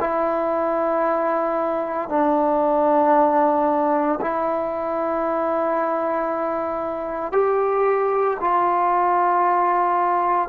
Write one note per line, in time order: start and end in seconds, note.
0.00 2.09 E4
2.09 4.20 D4
4.21 7.32 E4
7.32 8.37 G4
8.40 10.49 F4